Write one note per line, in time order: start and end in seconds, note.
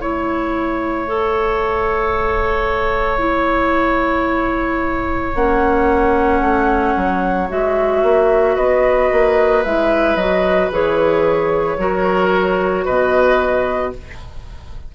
0.00 5.35 A3
0.00 1.07 E4
0.00 8.55 C#5
0.00 5.34 E5
1.07 3.18 A4
3.18 5.32 E4
5.34 6.41 A#3
5.34 7.48 C#4
5.34 7.48 F#5
6.41 6.94 A3
6.96 7.49 F#3
7.48 8.02 G#3
7.48 9.63 F#4
7.48 8.56 E5
8.02 8.56 A#3
8.55 9.10 B3
8.55 11.77 B4
8.55 9.63 D#5
9.11 9.64 A#3
9.64 10.15 G#3
9.64 10.18 E4
9.64 10.15 E5
10.15 10.69 F#3
10.15 10.72 F#4
10.15 10.69 D#5
10.71 11.77 E3
10.71 11.78 G#4
10.71 12.85 C#5
11.77 12.85 F#3
11.77 13.92 F#4
11.77 12.85 A#4
12.85 13.95 B2
12.85 13.92 B4
12.85 13.92 D#5